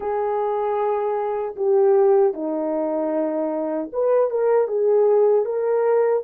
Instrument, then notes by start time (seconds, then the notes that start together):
horn
0.00 G#4
1.56 G4
2.33 D#4
3.92 B4
4.30 A#4
4.67 G#4
5.45 A#4